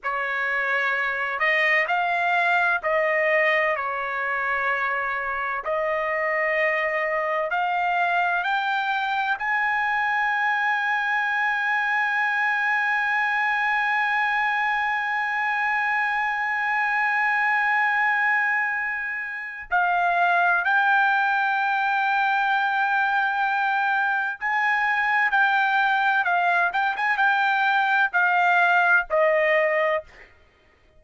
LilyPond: \new Staff \with { instrumentName = "trumpet" } { \time 4/4 \tempo 4 = 64 cis''4. dis''8 f''4 dis''4 | cis''2 dis''2 | f''4 g''4 gis''2~ | gis''1~ |
gis''1~ | gis''4 f''4 g''2~ | g''2 gis''4 g''4 | f''8 g''16 gis''16 g''4 f''4 dis''4 | }